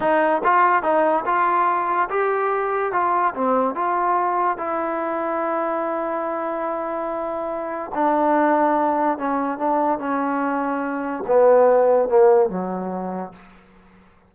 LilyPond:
\new Staff \with { instrumentName = "trombone" } { \time 4/4 \tempo 4 = 144 dis'4 f'4 dis'4 f'4~ | f'4 g'2 f'4 | c'4 f'2 e'4~ | e'1~ |
e'2. d'4~ | d'2 cis'4 d'4 | cis'2. b4~ | b4 ais4 fis2 | }